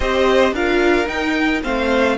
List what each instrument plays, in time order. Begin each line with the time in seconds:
0.00 cello C4, viola G4, violin C5 D#5
0.52 cello D4, viola F4, violin A#4 F5
1.06 viola D#4, cello D#4, violin G5
1.62 cello A3, viola C4, violin C5 F5